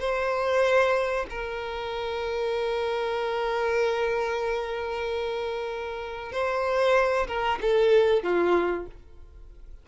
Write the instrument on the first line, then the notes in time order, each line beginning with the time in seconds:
violin
0.00 C5
1.30 A#4
6.32 C5
7.28 A#4
7.62 A4
8.24 F4